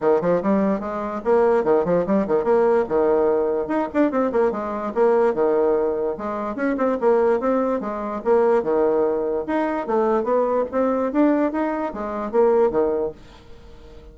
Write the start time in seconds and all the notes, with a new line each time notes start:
0.00 D#3
0.21 F3
0.42 G3
0.80 G#3
1.24 A#3
1.64 D#3
1.85 F3
2.06 G3
2.27 D#3
2.44 A#3
2.88 D#3
3.67 D#4
3.93 D4
4.11 C4
4.32 A#3
4.51 G#3
4.94 A#3
5.34 D#3
6.17 G#3
6.55 C#4
6.77 C4
7.00 A#3
7.40 C4
7.80 G#3
8.24 A#3
8.62 D#3
9.47 D#4
9.86 A3
10.23 B3
10.71 C4
11.12 D4
11.52 D#4
11.93 G#3
12.31 A#3
12.70 D#3